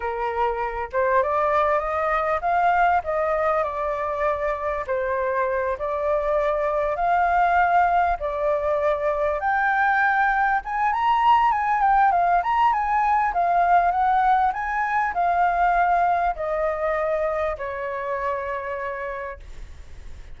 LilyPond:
\new Staff \with { instrumentName = "flute" } { \time 4/4 \tempo 4 = 99 ais'4. c''8 d''4 dis''4 | f''4 dis''4 d''2 | c''4. d''2 f''8~ | f''4. d''2 g''8~ |
g''4. gis''8 ais''4 gis''8 g''8 | f''8 ais''8 gis''4 f''4 fis''4 | gis''4 f''2 dis''4~ | dis''4 cis''2. | }